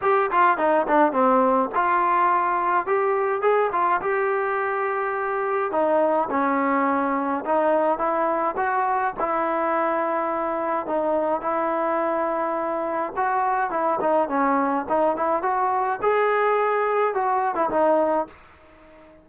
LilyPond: \new Staff \with { instrumentName = "trombone" } { \time 4/4 \tempo 4 = 105 g'8 f'8 dis'8 d'8 c'4 f'4~ | f'4 g'4 gis'8 f'8 g'4~ | g'2 dis'4 cis'4~ | cis'4 dis'4 e'4 fis'4 |
e'2. dis'4 | e'2. fis'4 | e'8 dis'8 cis'4 dis'8 e'8 fis'4 | gis'2 fis'8. e'16 dis'4 | }